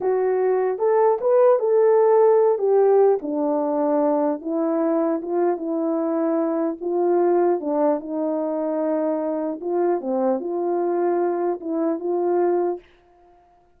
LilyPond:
\new Staff \with { instrumentName = "horn" } { \time 4/4 \tempo 4 = 150 fis'2 a'4 b'4 | a'2~ a'8 g'4. | d'2. e'4~ | e'4 f'4 e'2~ |
e'4 f'2 d'4 | dis'1 | f'4 c'4 f'2~ | f'4 e'4 f'2 | }